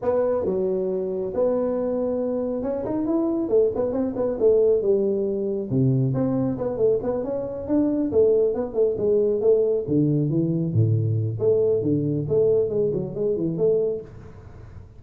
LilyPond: \new Staff \with { instrumentName = "tuba" } { \time 4/4 \tempo 4 = 137 b4 fis2 b4~ | b2 cis'8 dis'8 e'4 | a8 b8 c'8 b8 a4 g4~ | g4 c4 c'4 b8 a8 |
b8 cis'4 d'4 a4 b8 | a8 gis4 a4 d4 e8~ | e8 a,4. a4 d4 | a4 gis8 fis8 gis8 e8 a4 | }